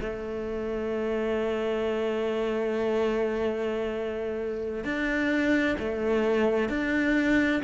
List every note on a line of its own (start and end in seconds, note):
0.00 4.84 A3
4.84 5.77 D4
5.79 6.69 A3
6.69 7.61 D4